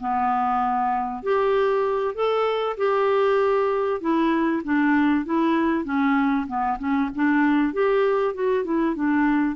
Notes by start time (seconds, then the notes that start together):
0.00 B3
1.23 G4
2.15 A4
2.77 G4
4.01 E4
4.64 D4
5.25 E4
5.85 C#4
6.47 B3
6.79 C#4
7.15 D4
7.73 G4
8.34 F#4
8.64 E4
8.95 D4